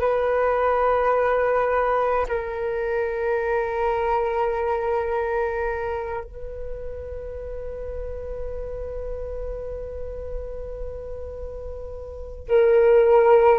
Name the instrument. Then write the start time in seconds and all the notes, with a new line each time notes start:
flute
0.00 B4
2.28 A#4
6.24 B4
12.48 A#4